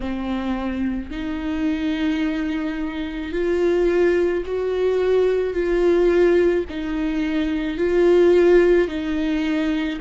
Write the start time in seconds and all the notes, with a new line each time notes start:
0.00 C4
1.11 D#4
3.32 F4
4.45 F#4
5.53 F4
6.69 D#4
7.77 F4
8.88 D#4